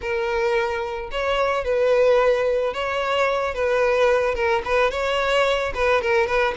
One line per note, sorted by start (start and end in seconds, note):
0.01 1.10 A#4
1.11 1.64 C#5
1.64 2.73 B4
2.73 3.54 C#5
3.54 4.34 B4
4.34 4.62 A#4
4.65 4.91 B4
4.91 5.72 C#5
5.74 6.01 B4
6.01 6.26 A#4
6.26 6.54 B4